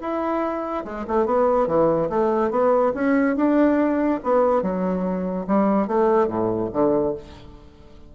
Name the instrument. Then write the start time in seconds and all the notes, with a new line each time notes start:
bassoon
0.00 E4
0.84 G#3
1.07 A3
1.25 B3
1.67 E3
2.09 A3
2.50 B3
2.94 C#4
3.36 D4
4.23 B3
4.62 F#3
5.47 G3
5.87 A3
6.27 A2
6.72 D3